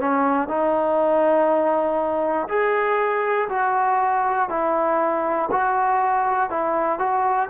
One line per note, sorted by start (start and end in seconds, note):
0.00 0.48 C#4
0.48 2.48 D#4
2.49 3.49 G#4
3.50 4.50 F#4
4.50 5.50 E4
5.52 6.50 F#4
6.50 6.99 E4
6.99 7.49 F#4